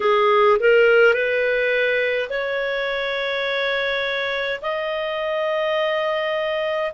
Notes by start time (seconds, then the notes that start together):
0.00 G#4
0.59 A#4
1.13 B4
2.29 C#5
4.61 D#5